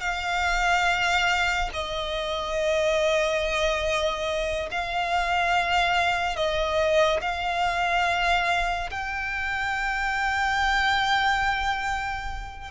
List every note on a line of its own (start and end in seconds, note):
0.00 1.69 F5
1.73 4.69 D#5
4.71 6.36 F5
6.36 7.20 D#5
7.21 8.90 F5
8.90 12.71 G5